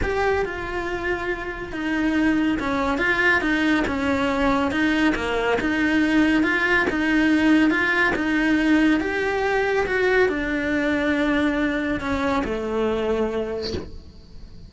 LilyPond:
\new Staff \with { instrumentName = "cello" } { \time 4/4 \tempo 4 = 140 g'4 f'2. | dis'2 cis'4 f'4 | dis'4 cis'2 dis'4 | ais4 dis'2 f'4 |
dis'2 f'4 dis'4~ | dis'4 g'2 fis'4 | d'1 | cis'4 a2. | }